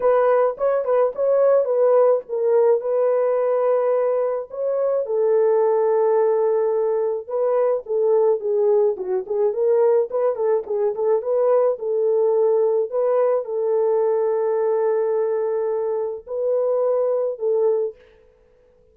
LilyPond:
\new Staff \with { instrumentName = "horn" } { \time 4/4 \tempo 4 = 107 b'4 cis''8 b'8 cis''4 b'4 | ais'4 b'2. | cis''4 a'2.~ | a'4 b'4 a'4 gis'4 |
fis'8 gis'8 ais'4 b'8 a'8 gis'8 a'8 | b'4 a'2 b'4 | a'1~ | a'4 b'2 a'4 | }